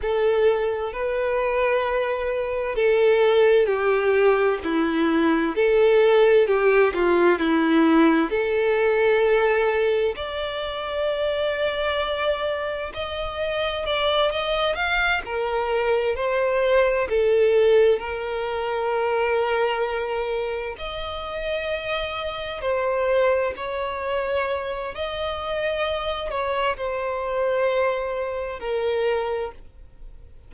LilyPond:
\new Staff \with { instrumentName = "violin" } { \time 4/4 \tempo 4 = 65 a'4 b'2 a'4 | g'4 e'4 a'4 g'8 f'8 | e'4 a'2 d''4~ | d''2 dis''4 d''8 dis''8 |
f''8 ais'4 c''4 a'4 ais'8~ | ais'2~ ais'8 dis''4.~ | dis''8 c''4 cis''4. dis''4~ | dis''8 cis''8 c''2 ais'4 | }